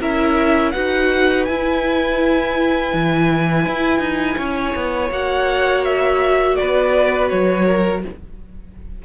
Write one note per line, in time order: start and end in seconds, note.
0.00 0.73 C#4
0.00 0.74 E4
0.00 0.73 A#4
0.00 0.71 E5
0.71 1.48 D#4
0.71 1.47 F#4
0.71 4.37 B4
0.71 1.45 F#5
1.45 2.93 E4
1.45 5.12 E4
1.45 5.11 G#5
2.93 3.66 E3
3.66 3.99 E4
3.99 4.36 D#4
4.37 4.74 C#4
4.37 6.56 C#5
4.75 5.10 B3
5.10 6.57 A#3
5.10 8.04 F#4
5.10 5.84 F#5
5.84 6.55 E5
6.55 7.31 B3
6.55 7.65 B4
6.55 7.29 D5
7.29 8.04 F#3
7.29 8.02 C#5
7.65 8.02 A#4